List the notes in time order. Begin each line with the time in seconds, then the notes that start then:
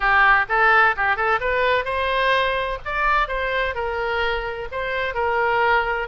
0.00 G4
0.48 A4
0.96 G4
1.16 A4
1.40 B4
1.84 C5
2.85 D5
3.28 C5
3.74 A#4
4.71 C5
5.14 A#4